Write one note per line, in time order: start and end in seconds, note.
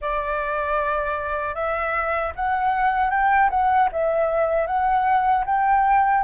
0.01 1.54 D5
1.54 2.32 E5
2.35 3.10 F#5
3.10 3.49 G5
3.50 3.89 F#5
3.92 4.66 E5
4.66 5.44 F#5
5.45 6.23 G5